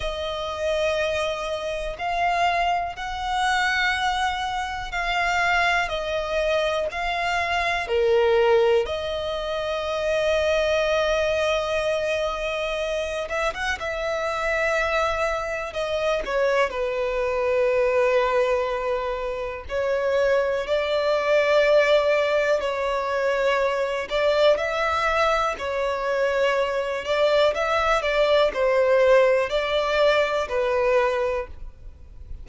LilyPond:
\new Staff \with { instrumentName = "violin" } { \time 4/4 \tempo 4 = 61 dis''2 f''4 fis''4~ | fis''4 f''4 dis''4 f''4 | ais'4 dis''2.~ | dis''4. e''16 fis''16 e''2 |
dis''8 cis''8 b'2. | cis''4 d''2 cis''4~ | cis''8 d''8 e''4 cis''4. d''8 | e''8 d''8 c''4 d''4 b'4 | }